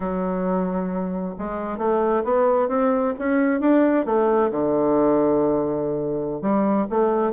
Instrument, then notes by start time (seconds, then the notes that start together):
bassoon
0.00 F#3
1.38 G#3
1.78 A3
2.24 B3
2.68 C4
3.18 C#4
3.60 D4
4.05 A3
4.51 D3
6.41 G3
6.89 A3